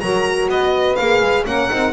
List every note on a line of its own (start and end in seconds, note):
0.00 0.49 F#3
0.00 0.98 F#4
0.00 0.49 A#4
0.00 0.48 A#5
0.49 0.97 B3
0.49 1.45 B4
0.49 0.96 D#5
0.96 1.21 A#3
0.96 1.45 G#4
0.96 1.44 F5
1.21 1.45 G#3
1.45 1.70 A#3
1.45 1.69 C#4
1.45 1.93 A#4
1.45 1.93 F#5
1.69 1.93 C4
1.69 1.93 D#4